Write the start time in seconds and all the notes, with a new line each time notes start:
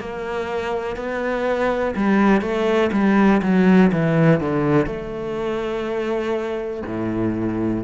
0.00 A#3
0.97 B3
1.96 G3
2.41 A3
2.92 G3
3.42 F#3
3.93 E3
4.40 D3
4.86 A3
6.86 A2